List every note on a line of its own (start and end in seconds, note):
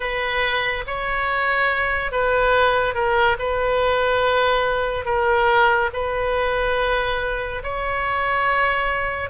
0.00 0.84 B4
0.86 2.11 C#5
2.11 2.94 B4
2.94 3.36 A#4
3.38 5.05 B4
5.05 5.89 A#4
5.93 7.62 B4
7.63 9.29 C#5